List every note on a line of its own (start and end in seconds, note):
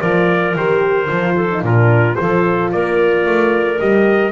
0.00 0.55 F3
0.00 0.54 F4
0.00 1.35 A#4
0.00 0.55 D5
0.55 1.09 D#3
0.55 1.07 G4
0.55 1.65 C5
1.07 1.62 F3
1.07 1.48 F4
1.35 1.62 A4
1.52 1.62 D#4
1.62 2.16 A#2
1.62 2.16 D4
1.62 2.18 F4
1.62 2.15 A#4
2.15 2.74 F3
2.15 3.78 F4
2.15 2.73 A4
2.15 2.69 C5
2.72 3.26 A#3
2.72 4.32 A#4
2.72 3.80 D5
3.26 3.80 A3
3.78 4.32 G3
3.78 4.32 G4
3.78 4.32 D#5